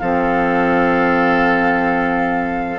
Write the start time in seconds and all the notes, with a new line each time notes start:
0.00 F3 C4 A4 F5